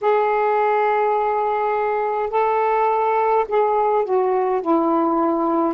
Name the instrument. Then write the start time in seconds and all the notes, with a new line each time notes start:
saxophone
0.01 G#4
2.30 A4
3.48 G#4
4.04 F#4
4.62 E4